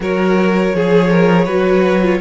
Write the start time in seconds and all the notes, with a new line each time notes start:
0.00 F#3 F#4 A#4 C#5
0.74 F3 G#4
1.10 A#4
1.44 F#3 F#4 B4
2.02 F4